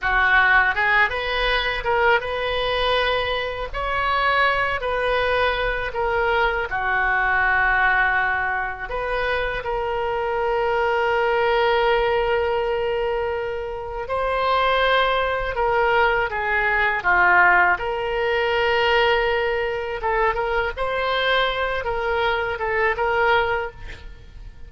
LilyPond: \new Staff \with { instrumentName = "oboe" } { \time 4/4 \tempo 4 = 81 fis'4 gis'8 b'4 ais'8 b'4~ | b'4 cis''4. b'4. | ais'4 fis'2. | b'4 ais'2.~ |
ais'2. c''4~ | c''4 ais'4 gis'4 f'4 | ais'2. a'8 ais'8 | c''4. ais'4 a'8 ais'4 | }